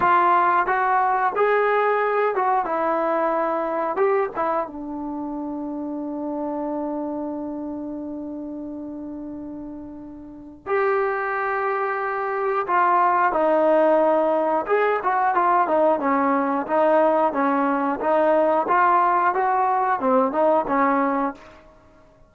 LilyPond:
\new Staff \with { instrumentName = "trombone" } { \time 4/4 \tempo 4 = 90 f'4 fis'4 gis'4. fis'8 | e'2 g'8 e'8 d'4~ | d'1~ | d'1 |
g'2. f'4 | dis'2 gis'8 fis'8 f'8 dis'8 | cis'4 dis'4 cis'4 dis'4 | f'4 fis'4 c'8 dis'8 cis'4 | }